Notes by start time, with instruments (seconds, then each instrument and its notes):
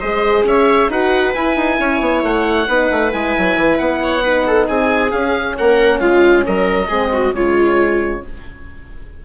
0.00 bassoon G#3, horn G#4, viola C5, oboe D#5
0.44 bassoon C#4, viola C#5, oboe E5
0.89 bassoon D#4, horn F#4, viola B4, oboe F#5
1.34 horn E4, bassoon E4, oboe G#5
1.56 bassoon D#4
1.79 bassoon C#4, viola C#5
2.00 bassoon B3
2.23 bassoon A3, oboe F#5
2.68 bassoon B3, horn D#4, viola B4
2.91 bassoon A3
3.11 bassoon G#3, horn E4, oboe G#5
3.38 bassoon F#3
3.56 bassoon E3
3.78 bassoon B3, oboe F#5
4.03 viola C#5
4.22 horn D#4, viola B4
4.47 viola A4
4.67 bassoon C4, viola G#4, oboe G#5
5.12 bassoon C#4, horn C#4, oboe F5
5.58 bassoon A#3, viola A#4, oboe F#5
6.00 bassoon G#3, viola F4, oboe F5
6.46 bassoon F#3, viola A#4, oboe D#5
6.88 bassoon G#3, horn C4, viola G#4
7.13 viola F#4
7.32 bassoon C#3, horn G#3, viola F4, oboe C#5